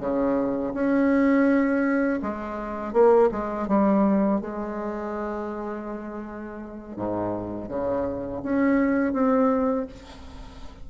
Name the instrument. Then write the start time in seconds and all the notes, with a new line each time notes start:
bassoon
0.00 C#3
0.74 C#4
2.23 G#3
2.93 A#3
3.32 G#3
3.68 G3
4.41 G#3
6.96 G#2
7.69 C#3
8.43 C#4
9.13 C4